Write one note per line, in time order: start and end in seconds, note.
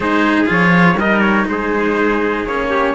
0.00 0.47 G#3
0.00 0.45 D#4
0.00 0.98 G#4
0.00 0.47 C5
0.45 0.95 F3
0.45 0.95 F4
0.45 0.99 C#5
0.95 1.44 G3
0.95 2.47 D#4
0.95 1.47 A#4
0.95 1.21 D#5
1.21 1.45 C#5
1.47 2.45 G#3
1.47 2.69 G#4
1.47 2.45 C5
2.45 2.94 A#3
2.45 2.94 C#4
2.45 2.94 C#5
2.69 2.94 G4